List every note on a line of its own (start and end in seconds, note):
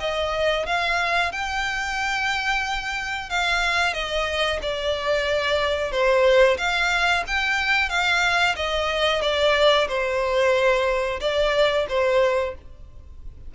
0.00 0.66 D#5
0.66 1.32 F5
1.32 3.30 G5
3.30 3.94 F5
3.94 4.59 D#5
4.62 5.92 D5
5.92 6.58 C5
6.58 7.24 F5
7.27 7.89 G5
7.89 8.55 F5
8.56 9.22 D#5
9.22 9.88 D5
9.88 11.20 C5
11.21 11.87 D5
11.89 12.55 C5